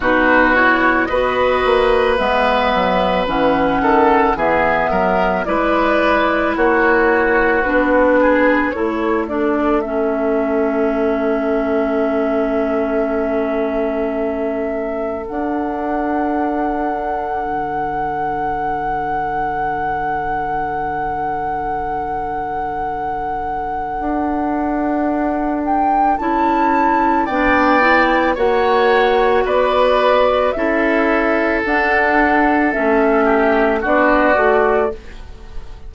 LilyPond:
<<
  \new Staff \with { instrumentName = "flute" } { \time 4/4 \tempo 4 = 55 b'8 cis''8 dis''4 e''4 fis''4 | e''4 d''4 cis''4 b'4 | cis''8 d''8 e''2.~ | e''2 fis''2~ |
fis''1~ | fis''2.~ fis''8 g''8 | a''4 g''4 fis''4 d''4 | e''4 fis''4 e''4 d''4 | }
  \new Staff \with { instrumentName = "oboe" } { \time 4/4 fis'4 b'2~ b'8 a'8 | gis'8 ais'8 b'4 fis'4. gis'8 | a'1~ | a'1~ |
a'1~ | a'1~ | a'4 d''4 cis''4 b'4 | a'2~ a'8 g'8 fis'4 | }
  \new Staff \with { instrumentName = "clarinet" } { \time 4/4 dis'8 e'8 fis'4 b4 cis'4 | b4 e'2 d'4 | e'8 d'8 cis'2.~ | cis'2 d'2~ |
d'1~ | d'1 | e'4 d'8 e'8 fis'2 | e'4 d'4 cis'4 d'8 fis'8 | }
  \new Staff \with { instrumentName = "bassoon" } { \time 4/4 b,4 b8 ais8 gis8 fis8 e8 dis8 | e8 fis8 gis4 ais4 b4 | a1~ | a2 d'2 |
d1~ | d2 d'2 | cis'4 b4 ais4 b4 | cis'4 d'4 a4 b8 a8 | }
>>